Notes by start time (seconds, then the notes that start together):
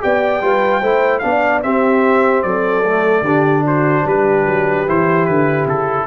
0.00 B3 G4 D5 G5
0.41 G3 F4 B4
0.80 A3 E4 C5
1.19 B3 D4 D5 F5
1.62 C4 G4 E5
2.42 F#3 A4 D5
2.85 A3
3.21 D3 D4 G4
3.64 F#4 C5
4.05 G3 G4 B4
4.46 F#3
4.87 E3 E4 C5
5.26 D3 B4
5.66 C#3 A4